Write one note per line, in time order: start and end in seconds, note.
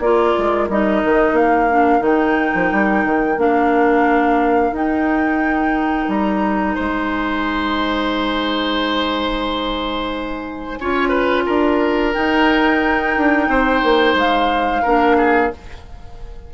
0.00 0.34 A#3
0.00 0.70 F4
0.00 6.75 A#4
0.00 0.69 D5
0.38 0.69 G#3
0.69 1.03 G3
0.69 1.70 D#4
0.69 1.36 D#5
1.05 1.33 D#3
1.33 2.00 A#3
1.33 2.04 F5
1.70 2.00 D4
2.00 2.52 D#3
2.00 3.35 D#4
2.00 3.40 G5
2.55 2.72 F3
2.72 3.04 G3
3.04 3.38 D#3
3.38 4.72 A#3
3.38 4.73 D4
3.38 4.75 F5
4.72 6.07 D#4
4.72 10.80 D#4
4.72 6.10 G5
6.08 6.76 G3
6.08 6.75 A#5
6.75 10.80 G#3
6.75 10.79 C5
6.75 12.14 G#5
10.80 11.47 C#4
10.80 12.14 F4
10.80 11.09 C#5
11.09 11.43 B4
11.46 12.15 D4
11.46 13.48 A#4
12.14 14.83 D#4
12.14 13.17 D#4
12.14 14.16 G5
13.17 13.48 D4
13.48 13.82 C4
13.48 14.83 C5
13.84 14.15 A#3
14.15 14.82 G#3
14.15 15.54 F5
14.83 15.53 A#3
14.83 15.51 D4
14.83 15.16 A#4
15.18 15.52 G#4